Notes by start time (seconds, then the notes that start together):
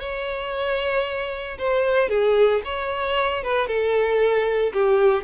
0.00 C#5
1.59 C5
2.10 G#4
2.65 C#5
3.44 B4
3.68 A4
4.73 G4